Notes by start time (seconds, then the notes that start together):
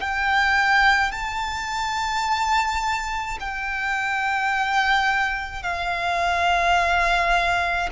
0.00 G5
1.12 A5
3.40 G5
5.62 F5